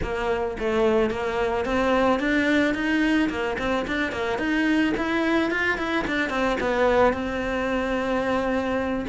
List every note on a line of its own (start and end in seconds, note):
0.02 0.57 A#3
0.59 1.10 A3
1.10 1.65 A#3
1.65 2.19 C4
2.19 2.74 D4
2.74 3.29 D#4
3.29 3.57 A#3
3.58 3.86 C4
3.87 4.12 D4
4.12 4.38 A#3
4.38 4.93 D#4
4.97 5.50 E4
5.50 5.77 F4
5.77 6.05 E4
6.07 6.29 D4
6.29 6.57 C4
6.60 7.13 B3
7.13 9.06 C4